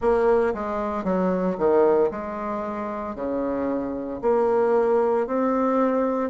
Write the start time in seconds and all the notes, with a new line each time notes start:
0.00 A#3
0.54 G#3
1.04 F#3
1.57 D#3
2.11 G#3
3.15 C#3
4.21 A#3
5.26 C4